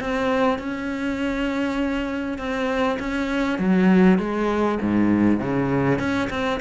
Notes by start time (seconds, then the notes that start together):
0.00 C4
0.59 C#4
2.38 C4
2.99 C#4
3.59 F#3
4.19 G#3
4.81 G#2
5.40 C#3
5.99 C#4
6.30 C4